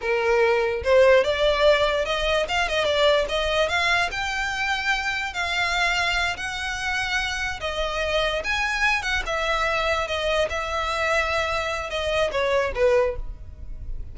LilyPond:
\new Staff \with { instrumentName = "violin" } { \time 4/4 \tempo 4 = 146 ais'2 c''4 d''4~ | d''4 dis''4 f''8 dis''8 d''4 | dis''4 f''4 g''2~ | g''4 f''2~ f''8 fis''8~ |
fis''2~ fis''8 dis''4.~ | dis''8 gis''4. fis''8 e''4.~ | e''8 dis''4 e''2~ e''8~ | e''4 dis''4 cis''4 b'4 | }